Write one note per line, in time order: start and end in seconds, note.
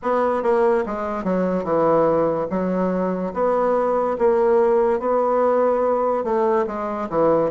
0.02 0.42 B3
0.42 0.84 A#3
0.86 1.24 G#3
1.24 1.64 F#3
1.64 2.47 E3
2.50 3.33 F#3
3.33 4.17 B3
4.18 4.99 A#3
4.99 6.23 B3
6.23 6.65 A3
6.66 7.08 G#3
7.09 7.50 E3